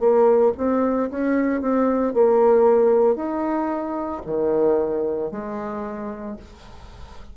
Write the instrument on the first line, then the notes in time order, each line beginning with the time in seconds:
bassoon
0.00 A#3
0.57 C4
1.11 C#4
1.61 C4
2.14 A#3
3.16 D#4
4.26 D#3
5.32 G#3